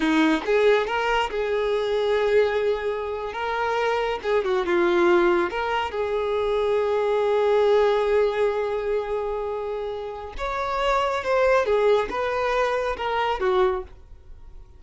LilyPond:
\new Staff \with { instrumentName = "violin" } { \time 4/4 \tempo 4 = 139 dis'4 gis'4 ais'4 gis'4~ | gis'2.~ gis'8. ais'16~ | ais'4.~ ais'16 gis'8 fis'8 f'4~ f'16~ | f'8. ais'4 gis'2~ gis'16~ |
gis'1~ | gis'1 | cis''2 c''4 gis'4 | b'2 ais'4 fis'4 | }